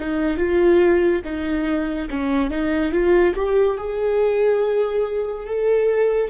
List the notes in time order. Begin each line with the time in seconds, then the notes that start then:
0.00 D#4
0.38 F4
1.25 D#4
2.11 C#4
2.51 D#4
2.93 F4
3.36 G4
3.78 G#4
5.47 A4